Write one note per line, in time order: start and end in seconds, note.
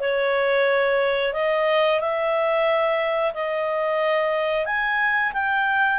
0.00 1.33 C#5
1.33 2.00 D#5
2.00 3.33 E5
3.34 4.66 D#5
4.66 5.32 G#5
5.33 5.99 G5